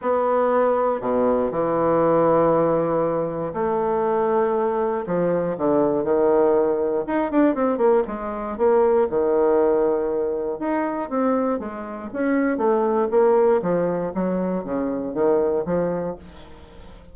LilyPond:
\new Staff \with { instrumentName = "bassoon" } { \time 4/4 \tempo 4 = 119 b2 b,4 e4~ | e2. a4~ | a2 f4 d4 | dis2 dis'8 d'8 c'8 ais8 |
gis4 ais4 dis2~ | dis4 dis'4 c'4 gis4 | cis'4 a4 ais4 f4 | fis4 cis4 dis4 f4 | }